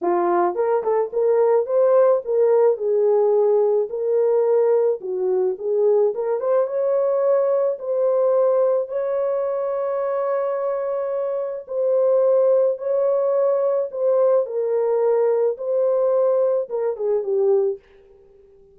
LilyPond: \new Staff \with { instrumentName = "horn" } { \time 4/4 \tempo 4 = 108 f'4 ais'8 a'8 ais'4 c''4 | ais'4 gis'2 ais'4~ | ais'4 fis'4 gis'4 ais'8 c''8 | cis''2 c''2 |
cis''1~ | cis''4 c''2 cis''4~ | cis''4 c''4 ais'2 | c''2 ais'8 gis'8 g'4 | }